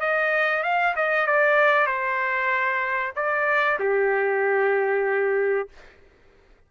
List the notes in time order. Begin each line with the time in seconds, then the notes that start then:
0.00 D#5
0.63 F5
0.96 D#5
1.27 D5
1.87 C5
3.16 D5
3.79 G4